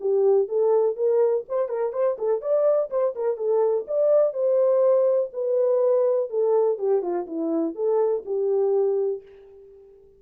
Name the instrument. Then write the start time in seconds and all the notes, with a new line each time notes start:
horn
0.00 G4
0.48 A4
0.96 A#4
1.49 C5
1.68 A#4
1.93 C5
2.18 A4
2.41 D5
2.90 C5
3.16 A#4
3.37 A4
3.88 D5
4.33 C5
5.33 B4
6.30 A4
6.78 G4
7.02 F4
7.26 E4
7.75 A4
8.25 G4